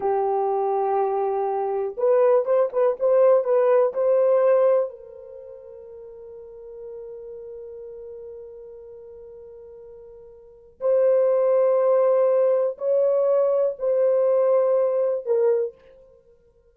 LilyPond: \new Staff \with { instrumentName = "horn" } { \time 4/4 \tempo 4 = 122 g'1 | b'4 c''8 b'8 c''4 b'4 | c''2 ais'2~ | ais'1~ |
ais'1~ | ais'2 c''2~ | c''2 cis''2 | c''2. ais'4 | }